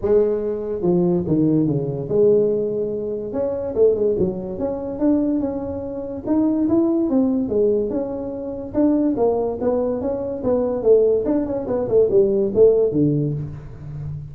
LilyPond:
\new Staff \with { instrumentName = "tuba" } { \time 4/4 \tempo 4 = 144 gis2 f4 dis4 | cis4 gis2. | cis'4 a8 gis8 fis4 cis'4 | d'4 cis'2 dis'4 |
e'4 c'4 gis4 cis'4~ | cis'4 d'4 ais4 b4 | cis'4 b4 a4 d'8 cis'8 | b8 a8 g4 a4 d4 | }